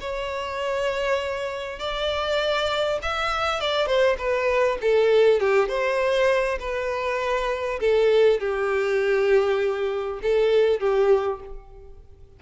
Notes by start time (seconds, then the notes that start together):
0.00 C#5
1.79 D5
3.02 E5
3.60 D5
3.86 C5
4.18 B4
4.81 A4
5.40 G4
5.68 C5
6.59 B4
7.80 A4
8.40 G4
10.22 A4
10.80 G4